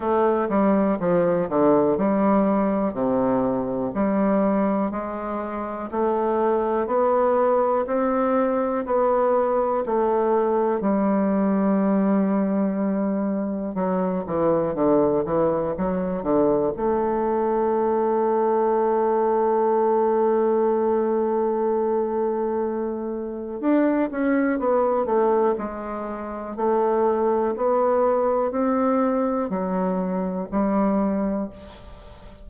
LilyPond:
\new Staff \with { instrumentName = "bassoon" } { \time 4/4 \tempo 4 = 61 a8 g8 f8 d8 g4 c4 | g4 gis4 a4 b4 | c'4 b4 a4 g4~ | g2 fis8 e8 d8 e8 |
fis8 d8 a2.~ | a1 | d'8 cis'8 b8 a8 gis4 a4 | b4 c'4 fis4 g4 | }